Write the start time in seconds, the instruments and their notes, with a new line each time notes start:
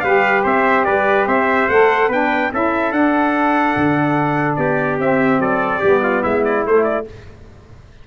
0.00 tuba G3, saxophone G4, trumpet B4 F5
0.43 tuba C4, trumpet C5 E5
0.84 tuba G3, trumpet B4 D5
1.26 tuba C4, trumpet C5 E5
1.68 tuba A3, saxophone A4, trumpet F#5
2.08 tuba B3, saxophone D4, trumpet B4 G5
2.52 tuba C#4, saxophone E4, trumpet A4 E5
2.91 tuba D4, saxophone D4, trumpet F#5
3.76 tuba D3
4.55 tuba B3, trumpet G4 D5
4.98 tuba C4, saxophone C4, trumpet E5
5.38 tuba F#3, trumpet A4 D5
5.79 tuba G3, saxophone B3, trumpet G4
6.02 trumpet F4
6.22 tuba G#3, trumpet E4 E5
6.44 trumpet D5
6.65 saxophone A3, tuba A3, trumpet C5
6.83 trumpet D5